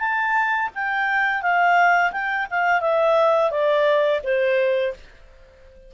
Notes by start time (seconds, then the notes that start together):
0.00 A5
0.75 G5
1.42 F5
2.12 G5
2.51 F5
2.81 E5
3.51 D5
4.24 C5